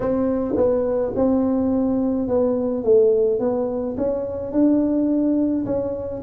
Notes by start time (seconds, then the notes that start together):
0.00 C4
0.56 B3
1.15 C4
2.28 B3
2.84 A3
3.39 B3
3.97 C#4
4.52 D4
5.65 C#4